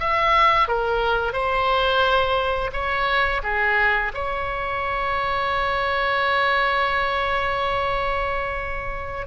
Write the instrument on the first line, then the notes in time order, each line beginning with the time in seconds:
oboe
0.00 E5
0.68 A#4
1.33 C5
2.73 C#5
3.44 G#4
4.14 C#5